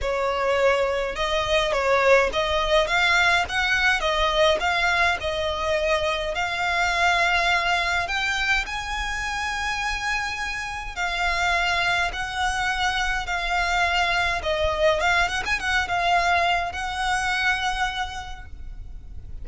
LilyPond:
\new Staff \with { instrumentName = "violin" } { \time 4/4 \tempo 4 = 104 cis''2 dis''4 cis''4 | dis''4 f''4 fis''4 dis''4 | f''4 dis''2 f''4~ | f''2 g''4 gis''4~ |
gis''2. f''4~ | f''4 fis''2 f''4~ | f''4 dis''4 f''8 fis''16 gis''16 fis''8 f''8~ | f''4 fis''2. | }